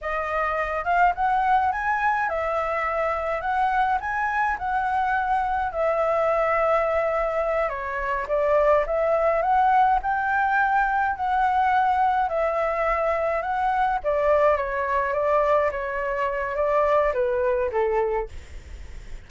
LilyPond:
\new Staff \with { instrumentName = "flute" } { \time 4/4 \tempo 4 = 105 dis''4. f''8 fis''4 gis''4 | e''2 fis''4 gis''4 | fis''2 e''2~ | e''4. cis''4 d''4 e''8~ |
e''8 fis''4 g''2 fis''8~ | fis''4. e''2 fis''8~ | fis''8 d''4 cis''4 d''4 cis''8~ | cis''4 d''4 b'4 a'4 | }